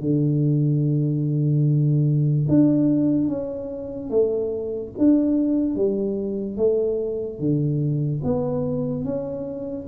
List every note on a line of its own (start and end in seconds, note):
0.00 2.47 D3
2.48 3.28 D4
3.28 4.10 C#4
4.10 4.92 A3
4.98 5.76 D4
5.76 6.57 G3
6.57 7.39 A3
7.39 8.21 D3
8.24 9.04 B3
9.04 9.87 C#4